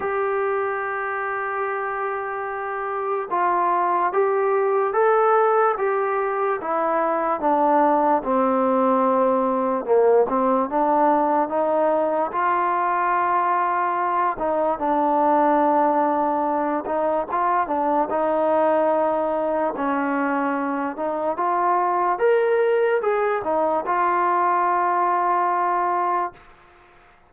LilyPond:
\new Staff \with { instrumentName = "trombone" } { \time 4/4 \tempo 4 = 73 g'1 | f'4 g'4 a'4 g'4 | e'4 d'4 c'2 | ais8 c'8 d'4 dis'4 f'4~ |
f'4. dis'8 d'2~ | d'8 dis'8 f'8 d'8 dis'2 | cis'4. dis'8 f'4 ais'4 | gis'8 dis'8 f'2. | }